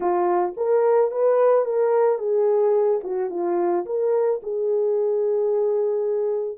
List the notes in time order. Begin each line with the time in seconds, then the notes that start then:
0.00 F4
0.57 A#4
1.11 B4
1.65 A#4
2.18 G#4
3.03 F#4
3.30 F4
3.85 A#4
4.42 G#4